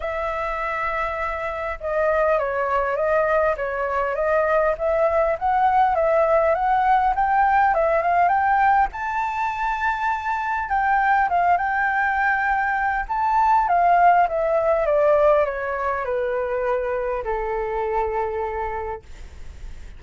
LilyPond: \new Staff \with { instrumentName = "flute" } { \time 4/4 \tempo 4 = 101 e''2. dis''4 | cis''4 dis''4 cis''4 dis''4 | e''4 fis''4 e''4 fis''4 | g''4 e''8 f''8 g''4 a''4~ |
a''2 g''4 f''8 g''8~ | g''2 a''4 f''4 | e''4 d''4 cis''4 b'4~ | b'4 a'2. | }